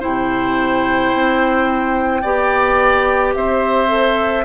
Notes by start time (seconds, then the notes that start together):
0.00 C3 E4 C5 G5
1.13 C4
2.22 B3 G4 D5
3.34 C4 C5 E5
3.88 A4